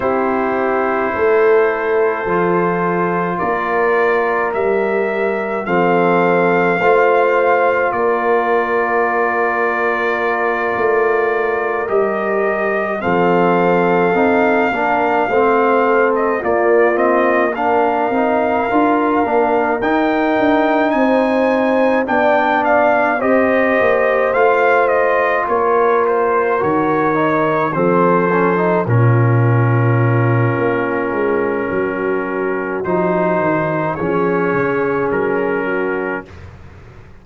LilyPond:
<<
  \new Staff \with { instrumentName = "trumpet" } { \time 4/4 \tempo 4 = 53 c''2. d''4 | e''4 f''2 d''4~ | d''2~ d''8 dis''4 f''8~ | f''2~ f''16 dis''16 d''8 dis''8 f''8~ |
f''4. g''4 gis''4 g''8 | f''8 dis''4 f''8 dis''8 cis''8 c''8 cis''8~ | cis''8 c''4 ais'2~ ais'8~ | ais'4 c''4 cis''4 ais'4 | }
  \new Staff \with { instrumentName = "horn" } { \time 4/4 g'4 a'2 ais'4~ | ais'4 a'4 c''4 ais'4~ | ais'2.~ ais'8 a'8~ | a'4 ais'8 c''8 a'8 f'4 ais'8~ |
ais'2~ ais'8 c''4 d''8~ | d''8 c''2 ais'4.~ | ais'8 a'4 f'2~ f'8 | fis'2 gis'4. fis'8 | }
  \new Staff \with { instrumentName = "trombone" } { \time 4/4 e'2 f'2 | g'4 c'4 f'2~ | f'2~ f'8 g'4 c'8~ | c'8 dis'8 d'8 c'4 ais8 c'8 d'8 |
dis'8 f'8 d'8 dis'2 d'8~ | d'8 g'4 f'2 fis'8 | dis'8 c'8 cis'16 dis'16 cis'2~ cis'8~ | cis'4 dis'4 cis'2 | }
  \new Staff \with { instrumentName = "tuba" } { \time 4/4 c'4 a4 f4 ais4 | g4 f4 a4 ais4~ | ais4. a4 g4 f8~ | f8 c'8 ais8 a4 ais4. |
c'8 d'8 ais8 dis'8 d'8 c'4 b8~ | b8 c'8 ais8 a4 ais4 dis8~ | dis8 f4 ais,4. ais8 gis8 | fis4 f8 dis8 f8 cis8 fis4 | }
>>